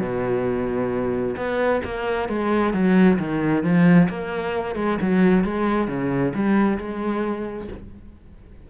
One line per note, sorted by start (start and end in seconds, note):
0.00 1.35 B2
1.36 1.81 B3
1.84 2.28 A#3
2.28 2.73 G#3
2.73 3.18 F#3
3.18 3.63 D#3
3.63 4.08 F3
4.09 4.75 A#3
4.75 4.98 G#3
5.01 5.44 F#3
5.44 5.87 G#3
5.87 6.33 C#3
6.34 6.78 G3
6.78 7.68 G#3